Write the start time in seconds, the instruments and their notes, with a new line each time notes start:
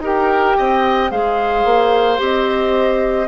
0.00 bassoon D#4, clarinet G4, oboe A#4
0.06 flute G5
0.58 bassoon C4, oboe D#5
1.11 bassoon G#3, clarinet G#4, oboe C5, flute F5
1.65 bassoon A#3
2.18 bassoon C4, clarinet G4, flute D#5